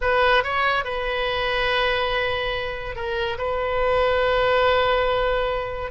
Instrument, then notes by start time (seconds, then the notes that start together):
oboe
0.01 B4
0.43 C#5
0.84 B4
2.95 A#4
3.38 B4